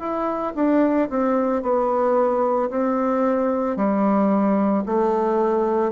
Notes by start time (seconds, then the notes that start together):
0.00 E4
0.56 D4
1.10 C4
1.63 B3
2.70 C4
3.77 G3
4.87 A3